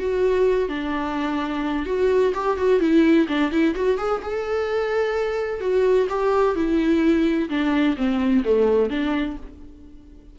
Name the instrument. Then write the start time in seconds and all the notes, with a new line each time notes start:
viola
0.00 F#4
0.69 D4
1.86 F#4
2.35 G4
2.58 F#4
2.81 E4
3.29 D4
3.52 E4
3.75 F#4
3.98 G#4
4.23 A4
5.61 F#4
6.10 G4
6.56 E4
7.50 D4
7.98 C4
8.45 A3
8.90 D4